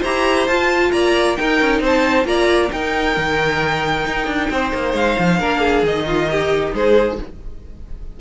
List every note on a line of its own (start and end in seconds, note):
0.00 0.47 E4
0.00 0.49 G4
0.00 0.90 C5
0.00 0.47 A#5
0.47 0.92 F4
0.47 1.38 F4
0.47 0.92 A5
0.92 1.37 A#3
0.92 1.38 D5
0.92 1.36 A#5
1.36 2.25 D#4
1.36 1.61 D#4
1.36 1.82 A#4
1.36 1.81 G5
1.61 1.80 C#4
1.80 2.25 C4
1.80 2.27 C5
1.80 2.26 A5
2.25 2.70 A#3
2.25 2.70 F4
2.25 2.72 D5
2.25 2.71 A#5
2.71 5.40 D#4
2.71 3.17 D#4
2.71 4.50 A#4
2.71 4.95 G5
3.17 4.06 D#3
4.06 4.27 D#4
4.27 4.49 D4
4.50 4.73 C4
4.50 5.39 C5
4.74 4.94 A#3
4.94 5.16 G#3
4.94 5.85 F5
5.19 5.40 F3
5.39 5.82 A#3
5.39 5.85 D4
5.39 5.60 A#4
5.60 6.05 G#4
5.82 6.72 D#3
5.82 7.19 D#4
5.82 6.74 D#5
6.06 6.29 F4
6.31 6.75 G4
6.73 7.18 G#3
6.73 7.21 G#4
6.73 7.20 C5